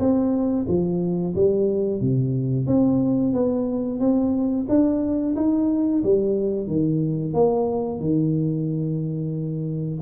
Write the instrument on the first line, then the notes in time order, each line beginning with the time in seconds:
tuba
0.00 C4
0.69 F3
1.36 G3
2.01 C3
2.67 C4
3.34 B3
4.00 C4
4.69 D4
5.36 D#4
6.04 G3
6.68 D#3
7.34 A#3
8.01 D#3